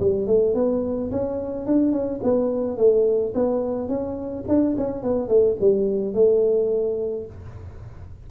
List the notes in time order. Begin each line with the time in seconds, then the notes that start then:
0.00 G3
0.27 A3
0.55 B3
1.11 C#4
1.66 D4
1.92 C#4
2.23 B3
2.77 A3
3.34 B3
3.88 C#4
4.48 D4
4.77 C#4
5.02 B3
5.28 A3
5.60 G3
6.14 A3